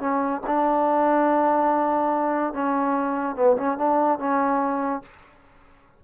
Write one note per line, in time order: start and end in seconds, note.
0.00 0.42 C#4
0.47 2.53 D4
2.53 3.36 C#4
3.36 3.57 B3
3.57 3.78 C#4
3.78 4.19 D4
4.19 5.02 C#4